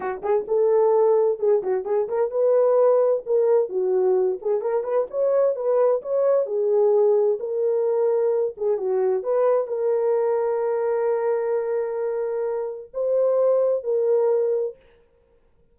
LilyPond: \new Staff \with { instrumentName = "horn" } { \time 4/4 \tempo 4 = 130 fis'8 gis'8 a'2 gis'8 fis'8 | gis'8 ais'8 b'2 ais'4 | fis'4. gis'8 ais'8 b'8 cis''4 | b'4 cis''4 gis'2 |
ais'2~ ais'8 gis'8 fis'4 | b'4 ais'2.~ | ais'1 | c''2 ais'2 | }